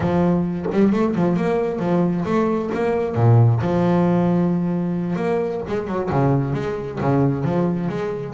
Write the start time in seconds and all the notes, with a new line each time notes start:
0.00 F3
0.72 G3
0.92 A3
1.15 F3
1.36 A#3
1.79 F3
2.25 A3
2.74 A#3
3.15 A#2
3.61 F3
5.16 A#3
5.68 G#3
5.87 F#3
6.10 C#3
6.53 G#3
7.00 C#3
7.44 F3
7.88 G#3